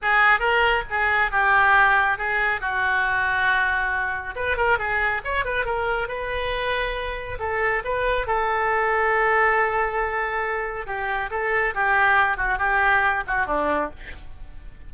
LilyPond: \new Staff \with { instrumentName = "oboe" } { \time 4/4 \tempo 4 = 138 gis'4 ais'4 gis'4 g'4~ | g'4 gis'4 fis'2~ | fis'2 b'8 ais'8 gis'4 | cis''8 b'8 ais'4 b'2~ |
b'4 a'4 b'4 a'4~ | a'1~ | a'4 g'4 a'4 g'4~ | g'8 fis'8 g'4. fis'8 d'4 | }